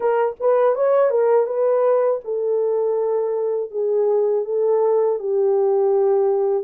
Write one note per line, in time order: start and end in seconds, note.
0.00 0.35 A#4
0.40 0.75 B4
0.75 1.10 C#5
1.10 1.46 A#4
1.46 2.20 B4
2.24 3.70 A4
3.70 4.44 G#4
4.44 5.19 A4
5.19 6.63 G4